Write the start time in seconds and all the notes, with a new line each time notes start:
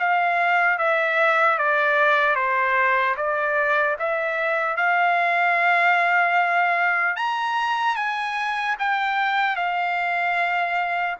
0.00 F5
0.79 E5
1.59 D5
2.36 C5
3.17 D5
4.00 E5
4.77 F5
7.17 A#5
7.96 G#5
8.79 G5
9.57 F5